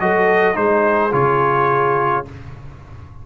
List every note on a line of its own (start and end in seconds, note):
0.00 0.57 F#3
0.00 0.54 F#4
0.00 0.56 A4
0.00 0.56 D#5
0.54 1.13 G#3
0.54 1.10 D#4
0.54 2.26 G#4
0.54 1.13 C5
1.12 2.26 C#3
1.12 2.25 F4
1.12 2.26 C#5